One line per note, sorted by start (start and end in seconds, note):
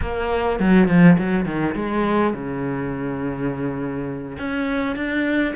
0.01 0.59 A#3
0.59 0.87 F#3
0.87 1.17 F3
1.18 1.45 F#3
1.45 1.74 D#3
1.75 2.33 G#3
2.33 4.37 C#3
4.38 4.96 C#4
4.96 5.54 D4